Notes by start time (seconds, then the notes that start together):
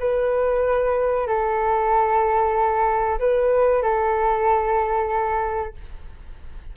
0.00 B4
1.28 A4
3.20 B4
3.83 A4